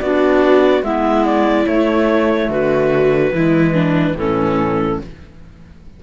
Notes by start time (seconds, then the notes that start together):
0.00 B3 D4 F#4 D5
0.81 G#3 B3 E4 E5
1.26 D5
1.65 A3 C#5
2.49 D3 F#4 B4
3.33 E3 G#3 E4
3.74 D4
4.14 A2 E3 A4
4.20 C#4